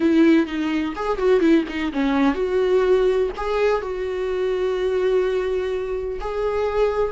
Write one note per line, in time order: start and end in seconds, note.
0.00 0.46 E4
0.46 0.94 D#4
0.95 1.18 G#4
1.18 1.40 F#4
1.40 1.64 E4
1.68 1.92 D#4
1.92 2.34 C#4
2.34 3.29 F#4
3.36 3.81 G#4
3.81 6.19 F#4
6.20 7.12 G#4